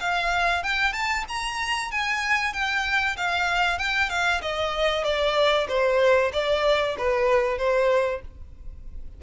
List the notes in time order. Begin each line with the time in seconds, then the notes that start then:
0.00 F5
0.63 G5
0.93 A5
1.28 A#5
1.91 G#5
2.53 G5
3.17 F5
3.78 G5
4.10 F5
4.41 D#5
5.04 D5
5.68 C5
6.33 D5
6.98 B4
7.58 C5